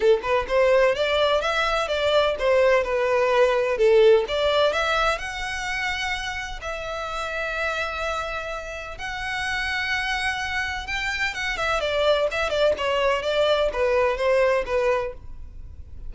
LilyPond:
\new Staff \with { instrumentName = "violin" } { \time 4/4 \tempo 4 = 127 a'8 b'8 c''4 d''4 e''4 | d''4 c''4 b'2 | a'4 d''4 e''4 fis''4~ | fis''2 e''2~ |
e''2. fis''4~ | fis''2. g''4 | fis''8 e''8 d''4 e''8 d''8 cis''4 | d''4 b'4 c''4 b'4 | }